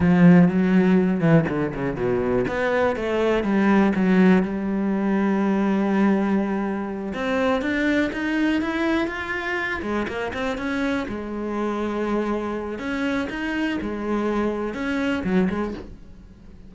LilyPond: \new Staff \with { instrumentName = "cello" } { \time 4/4 \tempo 4 = 122 f4 fis4. e8 d8 cis8 | b,4 b4 a4 g4 | fis4 g2.~ | g2~ g8 c'4 d'8~ |
d'8 dis'4 e'4 f'4. | gis8 ais8 c'8 cis'4 gis4.~ | gis2 cis'4 dis'4 | gis2 cis'4 fis8 gis8 | }